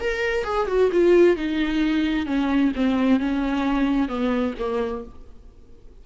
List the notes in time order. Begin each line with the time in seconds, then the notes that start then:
0.00 A#4
0.44 G#4
0.67 F#4
0.91 F4
1.36 D#4
2.26 C#4
2.75 C4
3.19 C#4
4.08 B3
4.58 A#3